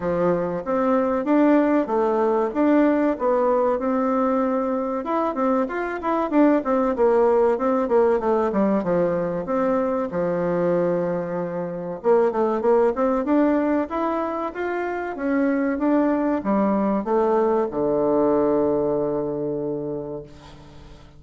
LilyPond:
\new Staff \with { instrumentName = "bassoon" } { \time 4/4 \tempo 4 = 95 f4 c'4 d'4 a4 | d'4 b4 c'2 | e'8 c'8 f'8 e'8 d'8 c'8 ais4 | c'8 ais8 a8 g8 f4 c'4 |
f2. ais8 a8 | ais8 c'8 d'4 e'4 f'4 | cis'4 d'4 g4 a4 | d1 | }